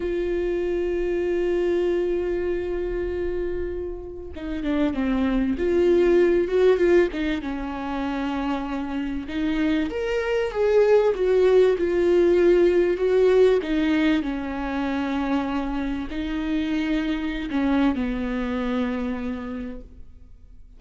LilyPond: \new Staff \with { instrumentName = "viola" } { \time 4/4 \tempo 4 = 97 f'1~ | f'2. dis'8 d'8 | c'4 f'4. fis'8 f'8 dis'8 | cis'2. dis'4 |
ais'4 gis'4 fis'4 f'4~ | f'4 fis'4 dis'4 cis'4~ | cis'2 dis'2~ | dis'16 cis'8. b2. | }